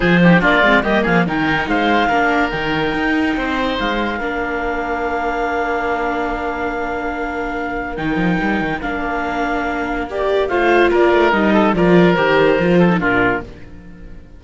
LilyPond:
<<
  \new Staff \with { instrumentName = "clarinet" } { \time 4/4 \tempo 4 = 143 c''4 d''4 dis''8 f''8 g''4 | f''2 g''2~ | g''4 f''2.~ | f''1~ |
f''2. g''4~ | g''4 f''2. | d''4 f''4 d''4 dis''4 | d''4 c''2 ais'4 | }
  \new Staff \with { instrumentName = "oboe" } { \time 4/4 gis'8 g'8 f'4 g'8 gis'8 ais'4 | c''4 ais'2. | c''2 ais'2~ | ais'1~ |
ais'1~ | ais'1~ | ais'4 c''4 ais'4. a'8 | ais'2~ ais'8 a'8 f'4 | }
  \new Staff \with { instrumentName = "viola" } { \time 4/4 f'8 dis'8 d'8 c'8 ais4 dis'4~ | dis'4 d'4 dis'2~ | dis'2 d'2~ | d'1~ |
d'2. dis'4~ | dis'4 d'2. | g'4 f'2 dis'4 | f'4 g'4 f'8. dis'16 d'4 | }
  \new Staff \with { instrumentName = "cello" } { \time 4/4 f4 ais8 gis8 g8 f8 dis4 | gis4 ais4 dis4 dis'4 | c'4 gis4 ais2~ | ais1~ |
ais2. dis8 f8 | g8 dis8 ais2.~ | ais4 a4 ais8 a8 g4 | f4 dis4 f4 ais,4 | }
>>